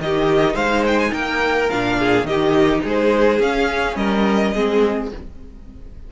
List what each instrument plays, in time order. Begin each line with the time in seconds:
0.00 cello D#3, viola D#4, violin G4 D#5
0.53 cello G#3, violin C5 F5
0.87 violin G5
0.99 violin G#5
1.13 cello A#3, violin A#4 G5
1.70 cello A#2, viola D4, violin F5
1.99 violin G#4
2.23 cello D#3, viola D#4, violin G4 D#5
2.83 cello G#3, violin G#4 C5
3.40 cello C#4, viola C#4, violin F5
3.95 cello G3, violin A#4 D#5
4.54 cello G#3, viola C4, violin G#4